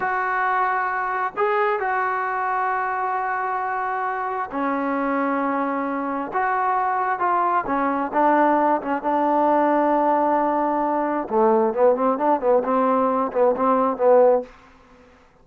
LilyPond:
\new Staff \with { instrumentName = "trombone" } { \time 4/4 \tempo 4 = 133 fis'2. gis'4 | fis'1~ | fis'2 cis'2~ | cis'2 fis'2 |
f'4 cis'4 d'4. cis'8 | d'1~ | d'4 a4 b8 c'8 d'8 b8 | c'4. b8 c'4 b4 | }